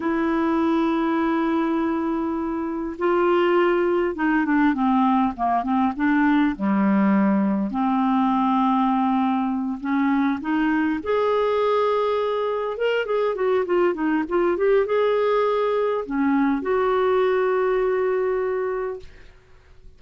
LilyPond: \new Staff \with { instrumentName = "clarinet" } { \time 4/4 \tempo 4 = 101 e'1~ | e'4 f'2 dis'8 d'8 | c'4 ais8 c'8 d'4 g4~ | g4 c'2.~ |
c'8 cis'4 dis'4 gis'4.~ | gis'4. ais'8 gis'8 fis'8 f'8 dis'8 | f'8 g'8 gis'2 cis'4 | fis'1 | }